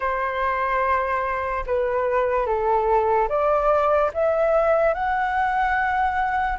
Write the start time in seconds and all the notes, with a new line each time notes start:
0.00 C5
1.66 B4
2.46 A4
3.28 D5
4.13 E5
4.94 F#5